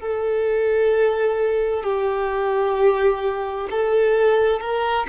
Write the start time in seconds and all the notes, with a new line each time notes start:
0.00 A4
1.83 G4
3.70 A4
4.60 A#4